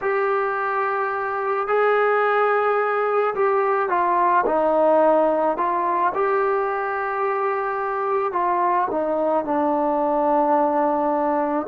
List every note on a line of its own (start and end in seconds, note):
0.01 1.67 G4
1.67 3.34 G#4
3.34 3.89 G4
3.89 4.44 F4
4.45 5.57 D#4
5.57 6.13 F4
6.14 8.32 G4
8.32 8.87 F4
8.90 9.44 D#4
9.44 11.67 D4